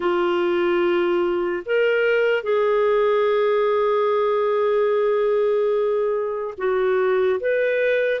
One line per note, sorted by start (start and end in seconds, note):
0.00 1.63 F4
1.65 2.43 A#4
2.43 6.54 G#4
6.57 7.39 F#4
7.40 8.20 B4